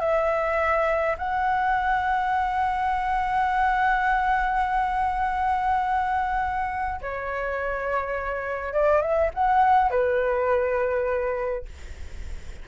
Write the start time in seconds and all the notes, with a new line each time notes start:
0.00 E5
1.18 F#5
7.01 C#5
8.74 D5
9.02 E5
9.34 F#5
9.91 B4